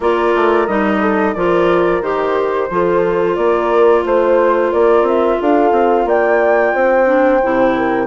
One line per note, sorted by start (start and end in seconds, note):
0.00 0.33 A#3
0.00 0.68 F4
0.00 1.01 A#4
0.00 0.67 D5
0.35 0.67 A3
0.67 1.35 G3
0.67 1.36 D#4
0.67 1.34 D#5
1.01 1.34 A4
1.34 2.01 F3
1.34 2.02 F4
1.34 2.70 A#4
1.34 2.01 D5
2.01 2.69 D#3
2.01 2.70 G4
2.01 3.35 C5
2.70 3.37 F3
2.70 7.06 F4
2.70 3.37 A4
3.35 4.04 A#3
3.35 4.04 A#4
3.35 4.03 D5
4.04 4.72 A3
4.04 4.71 C5
4.04 4.72 C5
4.71 5.02 A#3
4.71 5.38 A#4
4.71 5.06 D5
5.02 5.35 C4
5.02 5.40 E5
5.40 5.71 D4
5.40 6.06 A4
5.40 6.08 F5
5.71 6.05 C4
6.05 6.72 A#3
6.05 6.74 D5
6.05 8.07 G5
6.74 7.42 C4
6.74 7.75 C5
7.06 7.40 D4
7.43 8.07 C3
7.43 8.07 E4
7.76 8.07 A#4